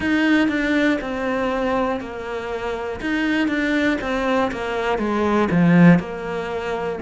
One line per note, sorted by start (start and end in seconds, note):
0.00 0.48 D#4
0.48 0.98 D4
1.01 2.00 C4
2.00 3.00 A#3
3.00 3.48 D#4
3.48 3.98 D4
4.00 4.50 C4
4.51 4.98 A#3
4.98 5.48 G#3
5.50 5.99 F3
5.99 6.99 A#3